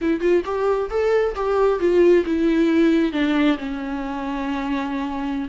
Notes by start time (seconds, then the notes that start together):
0.01 E4
0.20 F4
0.45 G4
0.90 A4
1.35 G4
1.79 F4
2.26 E4
3.12 D4
3.57 C#4